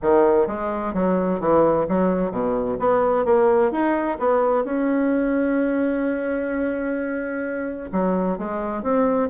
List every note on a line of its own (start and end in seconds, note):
0.01 0.47 D#3
0.47 0.93 G#3
0.93 1.40 F#3
1.40 1.86 E3
1.88 2.31 F#3
2.31 2.77 B2
2.79 3.25 B3
3.25 3.71 A#3
3.71 4.18 D#4
4.19 4.64 B3
4.64 7.89 C#4
7.92 8.38 F#3
8.38 8.82 G#3
8.82 9.29 C4